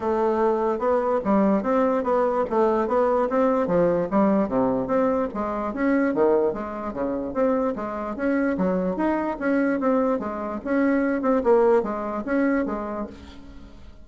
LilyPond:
\new Staff \with { instrumentName = "bassoon" } { \time 4/4 \tempo 4 = 147 a2 b4 g4 | c'4 b4 a4 b4 | c'4 f4 g4 c4 | c'4 gis4 cis'4 dis4 |
gis4 cis4 c'4 gis4 | cis'4 fis4 dis'4 cis'4 | c'4 gis4 cis'4. c'8 | ais4 gis4 cis'4 gis4 | }